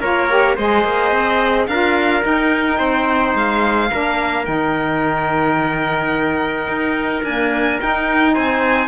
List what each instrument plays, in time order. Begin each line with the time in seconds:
0.00 cello A#3, saxophone F4, trumpet A#4, violin C#5
0.29 saxophone G4
0.56 cello G#3, saxophone G#4, trumpet C5, violin D#5
0.84 cello A#3
1.12 cello C4
1.67 cello D4, saxophone F4, trumpet A#4, violin F5
2.21 saxophone D#4, cello D#4, violin G5
2.78 cello C4, trumpet C5
3.35 cello G#3, violin F5
3.91 cello A#3, saxophone D4, trumpet A#4
4.44 cello D#3, saxophone D#4, violin G5
6.68 cello D#4
7.23 saxophone A#3, cello D4, violin G#5
7.80 saxophone D#4, cello D#4, violin G5
8.34 cello C4, trumpet C5, violin G#5